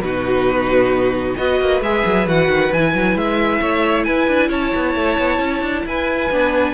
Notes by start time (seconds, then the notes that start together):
0.00 B2 D#4 F#4 B4
1.36 B3 F#4 B4 D#5
1.61 A#3
1.81 G#3 G#4 E5
2.05 F#3
2.27 E3 F#4 F#5
2.48 D#3
2.72 E3 E4 G#5
2.94 F#3
3.15 G#3 E5
3.61 A3 C#5
4.04 E4 B4 G#5
4.28 D4
4.49 C#4 C#5 A5
4.75 B3
4.96 A3
5.18 B3
5.39 C#4
5.62 D4
5.86 E4 B4 G#5
6.31 B3 D4